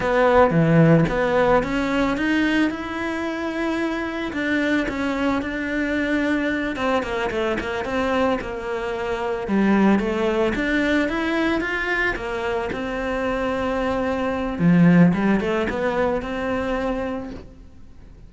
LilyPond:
\new Staff \with { instrumentName = "cello" } { \time 4/4 \tempo 4 = 111 b4 e4 b4 cis'4 | dis'4 e'2. | d'4 cis'4 d'2~ | d'8 c'8 ais8 a8 ais8 c'4 ais8~ |
ais4. g4 a4 d'8~ | d'8 e'4 f'4 ais4 c'8~ | c'2. f4 | g8 a8 b4 c'2 | }